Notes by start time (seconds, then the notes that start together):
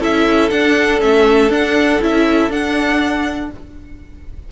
0.00 C#4 E4 A4 E5
0.50 D4 F#5
1.00 A3 C#4 E5
1.50 D4 F#5
2.01 C#4 E4 E5
2.50 D4 F#5